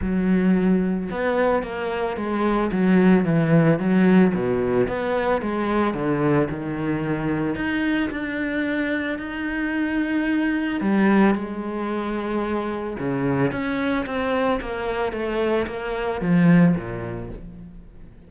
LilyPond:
\new Staff \with { instrumentName = "cello" } { \time 4/4 \tempo 4 = 111 fis2 b4 ais4 | gis4 fis4 e4 fis4 | b,4 b4 gis4 d4 | dis2 dis'4 d'4~ |
d'4 dis'2. | g4 gis2. | cis4 cis'4 c'4 ais4 | a4 ais4 f4 ais,4 | }